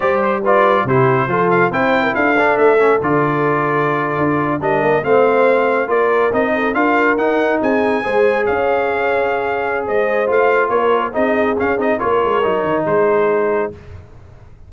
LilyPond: <<
  \new Staff \with { instrumentName = "trumpet" } { \time 4/4 \tempo 4 = 140 d''8 c''8 d''4 c''4. f''8 | g''4 f''4 e''4 d''4~ | d''2~ d''8. dis''4 f''16~ | f''4.~ f''16 d''4 dis''4 f''16~ |
f''8. fis''4 gis''2 f''16~ | f''2. dis''4 | f''4 cis''4 dis''4 f''8 dis''8 | cis''2 c''2 | }
  \new Staff \with { instrumentName = "horn" } { \time 4/4 c''4 b'4 g'4 a'4 | c''8. ais'16 a'2.~ | a'2~ a'8. ais'4 c''16~ | c''4.~ c''16 ais'4. a'8 ais'16~ |
ais'4.~ ais'16 gis'4 c''4 cis''16~ | cis''2. c''4~ | c''4 ais'4 gis'2 | ais'2 gis'2 | }
  \new Staff \with { instrumentName = "trombone" } { \time 4/4 g'4 f'4 e'4 f'4 | e'4. d'4 cis'8 f'4~ | f'2~ f'8. d'4 c'16~ | c'4.~ c'16 f'4 dis'4 f'16~ |
f'8. dis'2 gis'4~ gis'16~ | gis'1 | f'2 dis'4 cis'8 dis'8 | f'4 dis'2. | }
  \new Staff \with { instrumentName = "tuba" } { \time 4/4 g2 c4 f4 | c'4 d'4 a4 d4~ | d4.~ d16 d'4 g8 ais8 a16~ | a4.~ a16 ais4 c'4 d'16~ |
d'8. dis'4 c'4 gis4 cis'16~ | cis'2. gis4 | a4 ais4 c'4 cis'8 c'8 | ais8 gis8 fis8 dis8 gis2 | }
>>